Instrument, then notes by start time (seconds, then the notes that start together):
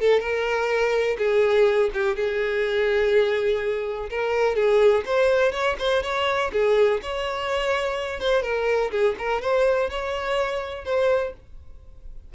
violin
0.00 A4
0.20 A#4
1.18 G#4
1.94 G4
2.16 G#4
4.10 A#4
4.55 G#4
5.05 C5
5.52 C#5
5.79 C5
6.02 C#5
6.52 G#4
7.02 C#5
8.20 C5
8.42 A#4
8.91 G#4
9.18 A#4
9.42 C5
9.90 C#5
10.85 C5